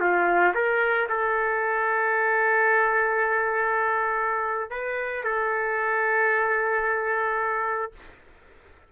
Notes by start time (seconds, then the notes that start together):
0.00 F4
0.54 A#4
1.09 A4
4.70 B4
5.24 A4